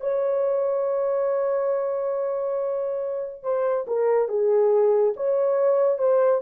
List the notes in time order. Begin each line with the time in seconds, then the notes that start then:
0.00 C#5
3.42 C5
3.86 A#4
4.28 G#4
5.16 C#5
5.98 C5